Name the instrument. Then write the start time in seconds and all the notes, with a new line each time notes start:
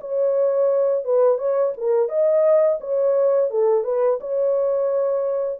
horn
0.00 C#5
1.04 B4
1.38 C#5
1.77 A#4
2.09 D#5
2.80 C#5
3.50 A4
3.84 B4
4.20 C#5